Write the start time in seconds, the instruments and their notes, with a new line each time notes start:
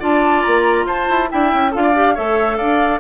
0.00 bassoon D4, clarinet F4, oboe D5, flute A5
0.43 bassoon A#3, flute A#5
0.84 bassoon F4, oboe C5, flute A5
1.10 bassoon E4
1.29 bassoon D4, clarinet E4, oboe E5, flute G5
1.53 bassoon C#4
1.72 bassoon D4, clarinet F4, oboe A4, flute F5
1.82 oboe D5
1.95 clarinet G4
2.15 bassoon A3, clarinet A4, oboe C#5, flute E5
2.57 bassoon D4, oboe D5, flute F5